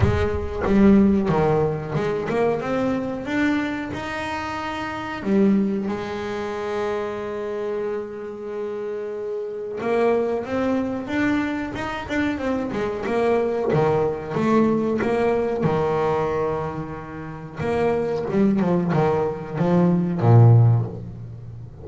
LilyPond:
\new Staff \with { instrumentName = "double bass" } { \time 4/4 \tempo 4 = 92 gis4 g4 dis4 gis8 ais8 | c'4 d'4 dis'2 | g4 gis2.~ | gis2. ais4 |
c'4 d'4 dis'8 d'8 c'8 gis8 | ais4 dis4 a4 ais4 | dis2. ais4 | g8 f8 dis4 f4 ais,4 | }